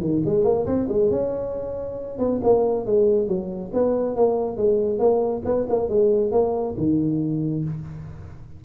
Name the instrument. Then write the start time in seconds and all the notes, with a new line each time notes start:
tuba
0.00 D#3
0.25 G#3
0.44 A#3
0.66 C4
0.89 G#3
1.10 C#4
2.18 B3
2.43 A#3
2.85 G#3
3.27 F#3
3.73 B3
4.15 A#3
4.57 G#3
4.99 A#3
5.45 B3
5.69 A#3
5.89 G#3
6.31 A#3
6.77 D#3